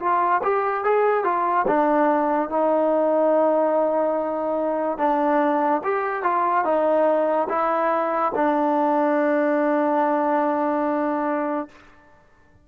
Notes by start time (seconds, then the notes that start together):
0.00 F4
0.43 G4
0.84 G#4
1.24 F4
1.67 D4
2.50 D#4
4.98 D4
5.84 G4
6.23 F4
6.65 D#4
7.49 E4
8.35 D4